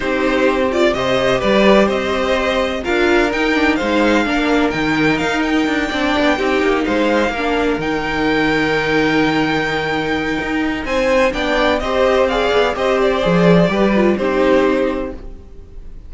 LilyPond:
<<
  \new Staff \with { instrumentName = "violin" } { \time 4/4 \tempo 4 = 127 c''4. d''8 dis''4 d''4 | dis''2 f''4 g''4 | f''2 g''4 f''8 g''8~ | g''2~ g''8 f''4.~ |
f''8 g''2.~ g''8~ | g''2. gis''4 | g''4 dis''4 f''4 dis''8 d''8~ | d''2 c''2 | }
  \new Staff \with { instrumentName = "violin" } { \time 4/4 g'2 c''4 b'4 | c''2 ais'2 | c''4 ais'2.~ | ais'8 d''4 g'4 c''4 ais'8~ |
ais'1~ | ais'2. c''4 | d''4 c''4 d''4 c''4~ | c''4 b'4 g'2 | }
  \new Staff \with { instrumentName = "viola" } { \time 4/4 dis'4. f'8 g'2~ | g'2 f'4 dis'8 d'8 | dis'4 d'4 dis'2~ | dis'8 d'4 dis'2 d'8~ |
d'8 dis'2.~ dis'8~ | dis'1 | d'4 g'4 gis'4 g'4 | gis'4 g'8 f'8 dis'2 | }
  \new Staff \with { instrumentName = "cello" } { \time 4/4 c'2 c4 g4 | c'2 d'4 dis'4 | gis4 ais4 dis4 dis'4 | d'8 c'8 b8 c'8 ais8 gis4 ais8~ |
ais8 dis2.~ dis8~ | dis2 dis'4 c'4 | b4 c'4. b8 c'4 | f4 g4 c'2 | }
>>